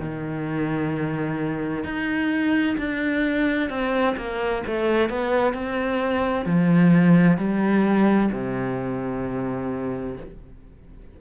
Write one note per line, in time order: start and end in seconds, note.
0.00 1.84 D#3
1.84 2.76 D#4
2.78 3.70 D4
3.70 4.16 C4
4.17 4.63 A#3
4.67 5.09 A3
5.09 5.53 B3
5.53 6.45 C4
6.45 7.38 F3
7.38 8.30 G3
8.32 10.17 C3